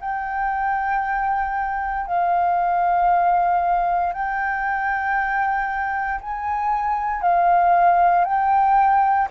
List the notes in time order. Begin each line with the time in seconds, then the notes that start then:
0.00 G5
2.06 F5
4.13 G5
6.21 G#5
7.22 F5
8.25 G5